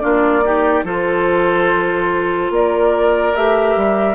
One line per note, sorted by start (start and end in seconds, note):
0.00 0.83 A#3
0.00 0.42 D4
0.00 0.44 F4
0.00 0.83 D5
0.44 0.84 D#4
0.44 0.85 G4
0.83 2.49 F3
0.83 3.34 F4
0.83 2.51 A4
0.83 2.52 C5
2.49 3.33 A#3
2.49 4.14 A#4
2.49 3.35 D5
3.35 3.76 A3
3.35 4.14 G4
3.35 4.14 E5
3.76 4.14 G3